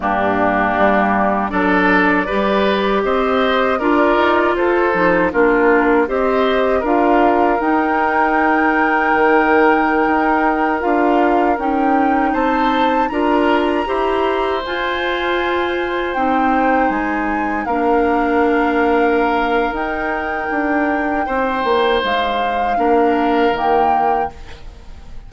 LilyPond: <<
  \new Staff \with { instrumentName = "flute" } { \time 4/4 \tempo 4 = 79 g'2 d''2 | dis''4 d''4 c''4 ais'4 | dis''4 f''4 g''2~ | g''2~ g''16 f''4 g''8.~ |
g''16 a''4 ais''2 gis''8.~ | gis''4~ gis''16 g''4 gis''4 f''8.~ | f''2 g''2~ | g''4 f''2 g''4 | }
  \new Staff \with { instrumentName = "oboe" } { \time 4/4 d'2 a'4 b'4 | c''4 ais'4 a'4 f'4 | c''4 ais'2.~ | ais'1~ |
ais'16 c''4 ais'4 c''4.~ c''16~ | c''2.~ c''16 ais'8.~ | ais'1 | c''2 ais'2 | }
  \new Staff \with { instrumentName = "clarinet" } { \time 4/4 ais2 d'4 g'4~ | g'4 f'4. dis'8 d'4 | g'4 f'4 dis'2~ | dis'2~ dis'16 f'4 dis'8.~ |
dis'4~ dis'16 f'4 g'4 f'8.~ | f'4~ f'16 dis'2 d'8.~ | d'2 dis'2~ | dis'2 d'4 ais4 | }
  \new Staff \with { instrumentName = "bassoon" } { \time 4/4 g,4 g4 fis4 g4 | c'4 d'8 dis'8 f'8 f8 ais4 | c'4 d'4 dis'2 | dis4~ dis16 dis'4 d'4 cis'8.~ |
cis'16 c'4 d'4 e'4 f'8.~ | f'4~ f'16 c'4 gis4 ais8.~ | ais2 dis'4 d'4 | c'8 ais8 gis4 ais4 dis4 | }
>>